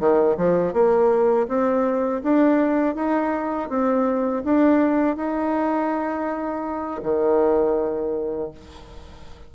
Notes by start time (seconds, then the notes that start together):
0.00 D#3
0.38 F3
0.73 A#3
1.48 C4
2.24 D4
2.96 D#4
3.70 C4
4.45 D4
5.16 D#4
7.03 D#3